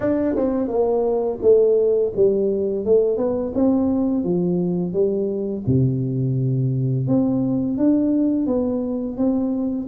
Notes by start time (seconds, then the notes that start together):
0.00 D4
0.36 C4
0.68 A#3
1.41 A3
2.16 G3
2.85 A3
3.17 B3
3.54 C4
4.24 F3
4.93 G3
5.66 C3
7.07 C4
7.77 D4
8.46 B3
9.17 C4